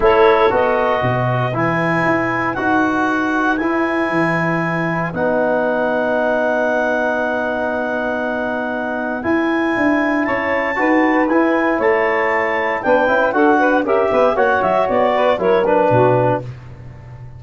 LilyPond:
<<
  \new Staff \with { instrumentName = "clarinet" } { \time 4/4 \tempo 4 = 117 cis''4 dis''2 gis''4~ | gis''4 fis''2 gis''4~ | gis''2 fis''2~ | fis''1~ |
fis''2 gis''2 | a''2 gis''4 a''4~ | a''4 g''4 fis''4 e''4 | fis''8 e''8 d''4 cis''8 b'4. | }
  \new Staff \with { instrumentName = "saxophone" } { \time 4/4 a'2 b'2~ | b'1~ | b'1~ | b'1~ |
b'1 | cis''4 b'2 cis''4~ | cis''4 b'4 a'8 b'8 ais'8 b'8 | cis''4. b'8 ais'4 fis'4 | }
  \new Staff \with { instrumentName = "trombone" } { \time 4/4 e'4 fis'2 e'4~ | e'4 fis'2 e'4~ | e'2 dis'2~ | dis'1~ |
dis'2 e'2~ | e'4 fis'4 e'2~ | e'4 d'8 e'8 fis'4 g'4 | fis'2 e'8 d'4. | }
  \new Staff \with { instrumentName = "tuba" } { \time 4/4 a4 b4 b,4 e4 | e'4 dis'2 e'4 | e2 b2~ | b1~ |
b2 e'4 d'4 | cis'4 dis'4 e'4 a4~ | a4 b8 cis'8 d'4 cis'8 b8 | ais8 fis8 b4 fis4 b,4 | }
>>